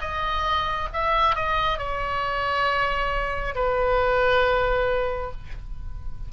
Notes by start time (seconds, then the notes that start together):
0.00 D#5
0.93 E5
1.35 D#5
1.78 C#5
3.55 B4